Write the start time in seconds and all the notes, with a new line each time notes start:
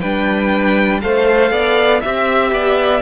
0.00 G3 D4 B4 G5
1.01 A3 A4 C5 F5
1.51 B3 D5
2.00 C4 G4 E5
2.52 B3 D5